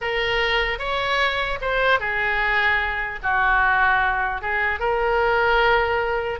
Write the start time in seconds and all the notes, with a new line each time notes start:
0.01 A#4
0.78 C#5
1.61 C5
1.99 G#4
3.22 F#4
4.41 G#4
4.79 A#4